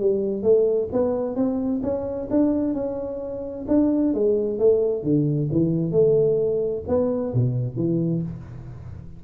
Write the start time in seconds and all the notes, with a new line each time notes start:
0.00 G3
0.43 A3
0.92 B3
1.35 C4
1.82 C#4
2.30 D4
2.74 C#4
3.68 D4
4.14 G#3
4.59 A3
5.03 D3
5.51 E3
5.91 A3
6.88 B3
7.34 B2
7.76 E3